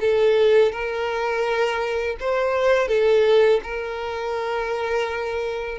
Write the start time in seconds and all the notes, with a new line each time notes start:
0.00 A4
0.71 A#4
2.19 C5
2.88 A4
3.63 A#4